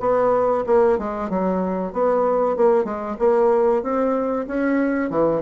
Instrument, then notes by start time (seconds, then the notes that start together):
bassoon
0.00 B3
0.66 A#3
0.98 G#3
1.29 F#3
1.93 B3
2.56 A#3
2.84 G#3
3.19 A#3
3.82 C4
4.47 C#4
5.10 E3